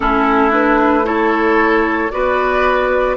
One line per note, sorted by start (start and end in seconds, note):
0.00 2.11 A3
0.00 0.50 C#4
0.00 1.05 E4
0.00 0.52 A4
0.50 1.02 D4
0.50 1.05 B4
1.04 2.09 E4
1.04 2.11 A4
1.04 2.11 C#5
2.11 3.16 B3
2.11 3.16 F#4
2.11 3.16 B4
2.11 3.16 D5